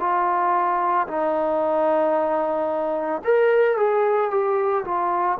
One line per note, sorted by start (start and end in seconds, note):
0.00 1.07 F4
1.08 3.22 D#4
3.24 3.77 A#4
3.77 4.31 G#4
4.31 4.84 G4
4.85 5.38 F4